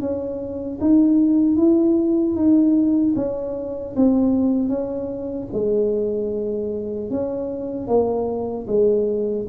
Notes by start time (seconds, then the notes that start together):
0.00 C#4
0.81 D#4
1.57 E4
2.35 D#4
3.16 C#4
3.96 C4
4.69 C#4
5.52 G#3
7.10 C#4
7.87 A#3
8.67 G#3